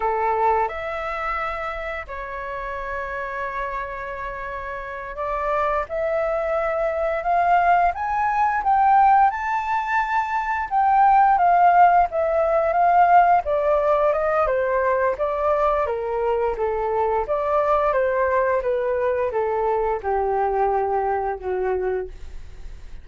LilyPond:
\new Staff \with { instrumentName = "flute" } { \time 4/4 \tempo 4 = 87 a'4 e''2 cis''4~ | cis''2.~ cis''8 d''8~ | d''8 e''2 f''4 gis''8~ | gis''8 g''4 a''2 g''8~ |
g''8 f''4 e''4 f''4 d''8~ | d''8 dis''8 c''4 d''4 ais'4 | a'4 d''4 c''4 b'4 | a'4 g'2 fis'4 | }